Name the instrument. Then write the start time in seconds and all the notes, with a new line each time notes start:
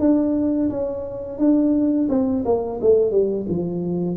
tuba
0.00 D4
0.70 C#4
1.39 D4
2.10 C4
2.45 A#3
2.82 A3
3.11 G3
3.49 F3